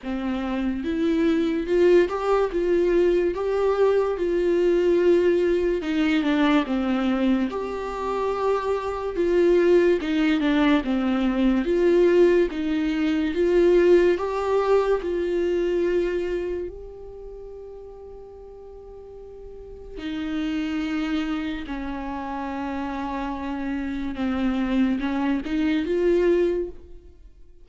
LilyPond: \new Staff \with { instrumentName = "viola" } { \time 4/4 \tempo 4 = 72 c'4 e'4 f'8 g'8 f'4 | g'4 f'2 dis'8 d'8 | c'4 g'2 f'4 | dis'8 d'8 c'4 f'4 dis'4 |
f'4 g'4 f'2 | g'1 | dis'2 cis'2~ | cis'4 c'4 cis'8 dis'8 f'4 | }